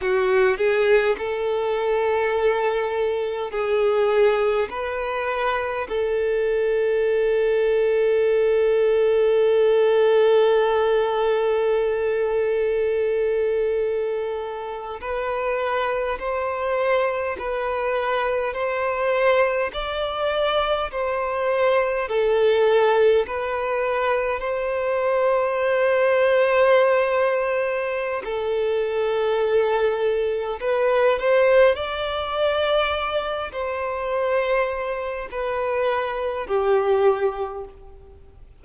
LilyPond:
\new Staff \with { instrumentName = "violin" } { \time 4/4 \tempo 4 = 51 fis'8 gis'8 a'2 gis'4 | b'4 a'2.~ | a'1~ | a'8. b'4 c''4 b'4 c''16~ |
c''8. d''4 c''4 a'4 b'16~ | b'8. c''2.~ c''16 | a'2 b'8 c''8 d''4~ | d''8 c''4. b'4 g'4 | }